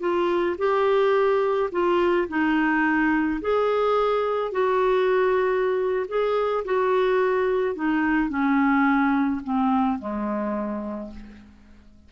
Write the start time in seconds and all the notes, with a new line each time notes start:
0.00 F4
0.58 G4
1.72 F4
2.28 D#4
3.41 G#4
4.52 F#4
6.08 G#4
6.65 F#4
7.75 D#4
8.29 C#4
9.44 C4
9.99 G#3